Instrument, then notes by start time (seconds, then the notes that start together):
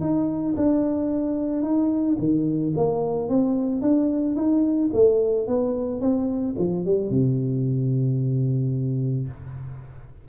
tuba
0.00 D#4
0.56 D4
1.62 D#4
2.19 D#3
2.76 A#3
3.29 C4
3.81 D4
4.35 D#4
4.93 A3
5.47 B3
6.00 C4
6.58 F3
6.85 G3
7.10 C3